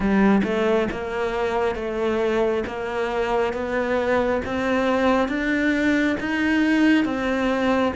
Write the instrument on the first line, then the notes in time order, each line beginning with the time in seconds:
cello
0.00 G3
0.43 A3
0.91 A#3
1.75 A3
2.66 A#3
3.53 B3
4.45 C4
5.28 D4
6.20 D#4
7.04 C4